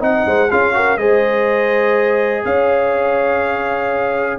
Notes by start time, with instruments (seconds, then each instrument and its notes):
0.00 tuba C4, trombone D#4, horn D#5, trumpet F#5
0.26 tuba G#3, horn C5
0.49 tuba C#4, trombone F4, horn G#4, trumpet F5
0.74 trombone F#4, horn A#4
0.97 tuba G#3, trombone G#4, horn C5, trumpet D#5
2.45 tuba C#4, horn C#5, trumpet F5